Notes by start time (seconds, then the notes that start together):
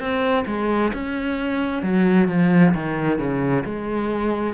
0.00 C4
0.47 G#3
0.94 C#4
1.83 F#3
2.29 F3
2.74 D#3
3.19 C#3
3.65 G#3